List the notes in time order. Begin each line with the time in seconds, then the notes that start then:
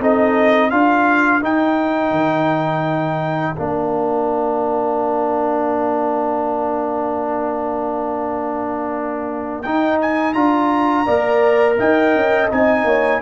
0.00 C4 D#4 A4 D#5
0.70 D4 F4 A#4 F5
1.41 D#4 G5
2.11 D#3
3.56 A#3 D4 F5
9.62 D#4 G5
10.01 G#5
10.33 D4 F4 A#5
11.05 A#3 A#4 D5
11.78 D#4 D#5 G5
12.15 C#4
12.50 C4 D#4 G#5
12.84 A#3 C#5